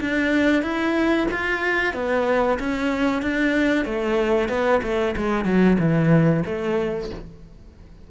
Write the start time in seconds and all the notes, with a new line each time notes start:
0.00 D4
0.62 E4
1.31 F4
1.93 B3
2.59 C#4
3.21 D4
3.85 A3
4.48 B3
4.82 A3
5.16 G#3
5.45 F#3
5.79 E3
6.45 A3